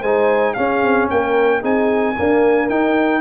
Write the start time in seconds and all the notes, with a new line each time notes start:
0.00 G#3 D#4 C5 G#5
0.54 C#4 G#4 F5
0.83 C4
1.10 A#3 A#4 G5
1.60 C4 D#4 G#4 G#5
2.18 A#3 D4 A#4
2.69 D#4 G5